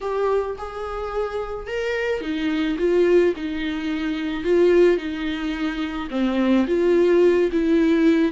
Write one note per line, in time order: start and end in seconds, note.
0.00 0.56 G4
0.58 1.67 G#4
1.67 2.21 A#4
2.21 2.76 D#4
2.78 3.33 F4
3.35 4.43 D#4
4.43 4.97 F4
4.97 6.08 D#4
6.10 6.66 C4
6.67 7.50 F4
7.52 8.32 E4